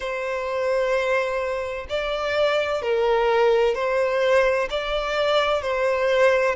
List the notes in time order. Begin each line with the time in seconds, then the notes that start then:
0.00 C5
1.89 D5
2.81 A#4
3.75 C5
4.70 D5
5.62 C5